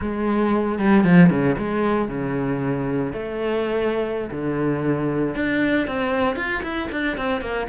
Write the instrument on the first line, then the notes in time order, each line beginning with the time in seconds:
cello
0.01 G#3
0.78 G3
1.04 F3
1.29 C#3
1.57 G#3
2.08 C#3
3.12 A3
4.30 D3
5.35 D4
5.87 C4
6.36 F4
6.62 E4
6.91 D4
7.17 C4
7.41 A#3